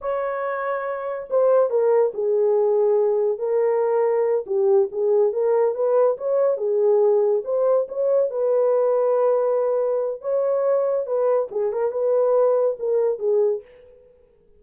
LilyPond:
\new Staff \with { instrumentName = "horn" } { \time 4/4 \tempo 4 = 141 cis''2. c''4 | ais'4 gis'2. | ais'2~ ais'8 g'4 gis'8~ | gis'8 ais'4 b'4 cis''4 gis'8~ |
gis'4. c''4 cis''4 b'8~ | b'1 | cis''2 b'4 gis'8 ais'8 | b'2 ais'4 gis'4 | }